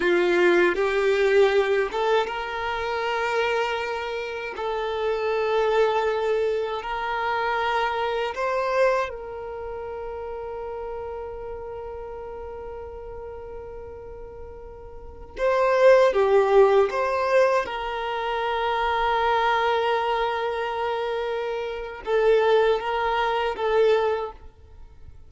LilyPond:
\new Staff \with { instrumentName = "violin" } { \time 4/4 \tempo 4 = 79 f'4 g'4. a'8 ais'4~ | ais'2 a'2~ | a'4 ais'2 c''4 | ais'1~ |
ais'1~ | ais'16 c''4 g'4 c''4 ais'8.~ | ais'1~ | ais'4 a'4 ais'4 a'4 | }